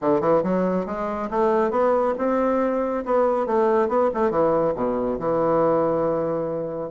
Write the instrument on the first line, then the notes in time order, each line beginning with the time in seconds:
bassoon
0.01 D3
0.21 E3
0.43 F#3
0.86 G#3
1.30 A3
1.71 B3
2.18 C4
3.05 B3
3.46 A3
3.88 B3
4.14 A3
4.30 E3
4.75 B2
5.19 E3